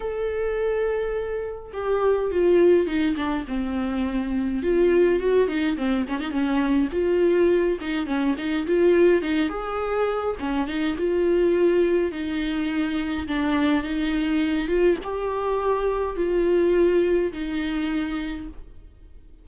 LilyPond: \new Staff \with { instrumentName = "viola" } { \time 4/4 \tempo 4 = 104 a'2. g'4 | f'4 dis'8 d'8 c'2 | f'4 fis'8 dis'8 c'8 cis'16 dis'16 cis'4 | f'4. dis'8 cis'8 dis'8 f'4 |
dis'8 gis'4. cis'8 dis'8 f'4~ | f'4 dis'2 d'4 | dis'4. f'8 g'2 | f'2 dis'2 | }